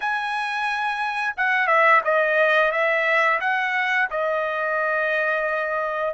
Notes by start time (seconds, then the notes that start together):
0.00 G#5
1.36 F#5
1.67 E5
2.04 D#5
2.71 E5
3.40 F#5
4.10 D#5